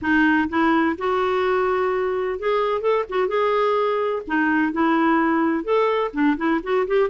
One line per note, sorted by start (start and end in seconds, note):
0.01 0.49 D#4
0.49 0.96 E4
0.97 2.39 F#4
2.39 2.81 G#4
2.81 3.05 A4
3.09 3.27 F#4
3.27 4.22 G#4
4.27 4.72 D#4
4.72 5.63 E4
5.63 6.11 A4
6.13 6.37 D4
6.37 6.61 E4
6.63 6.87 F#4
6.87 7.09 G4